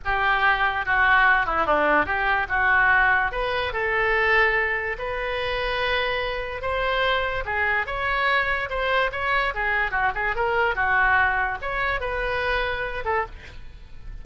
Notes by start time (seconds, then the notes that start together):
0.04 G4
0.85 F#4
1.46 E4
1.66 D4
2.05 G4
2.48 F#4
3.31 B4
3.72 A4
4.98 B4
6.61 C5
7.45 G#4
7.86 C#5
8.69 C5
9.12 C#5
9.54 G#4
9.91 F#4
10.14 G#4
10.35 A#4
10.75 F#4
11.61 C#5
12.00 B4
13.05 A4